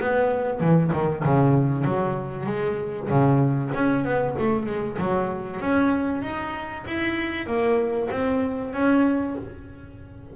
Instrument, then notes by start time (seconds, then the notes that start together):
double bass
0.00 B3
0.61 E3
0.93 D#3
1.25 C#3
1.84 F#3
2.46 G#3
3.09 C#3
3.74 C#4
4.05 B3
4.39 A3
4.66 G#3
4.98 F#3
5.61 C#4
6.22 D#4
6.87 E4
7.47 A#3
8.11 C4
8.73 C#4